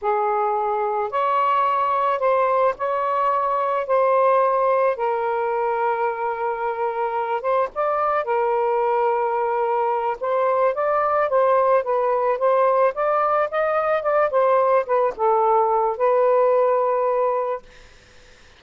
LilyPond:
\new Staff \with { instrumentName = "saxophone" } { \time 4/4 \tempo 4 = 109 gis'2 cis''2 | c''4 cis''2 c''4~ | c''4 ais'2.~ | ais'4. c''8 d''4 ais'4~ |
ais'2~ ais'8 c''4 d''8~ | d''8 c''4 b'4 c''4 d''8~ | d''8 dis''4 d''8 c''4 b'8 a'8~ | a'4 b'2. | }